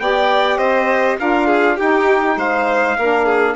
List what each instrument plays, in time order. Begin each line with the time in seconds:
0.00 bassoon B3, saxophone G4, violin D5, trumpet G5
0.58 bassoon C4, violin C5, trumpet D#5
1.19 bassoon D4, saxophone F4, violin A#4, trumpet F5
1.47 violin G#4
1.77 saxophone D#4, bassoon D#4, violin G4, trumpet G5
2.37 bassoon G#3, violin C5, trumpet F5
2.98 bassoon A#3, saxophone D4, violin A#4
3.25 violin G#4